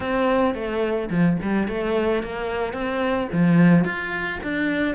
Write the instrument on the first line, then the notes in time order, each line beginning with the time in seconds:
cello
0.00 C4
0.54 A3
1.10 F3
1.42 G3
1.68 A3
2.22 A#3
2.73 C4
3.32 F3
3.84 F4
4.43 D4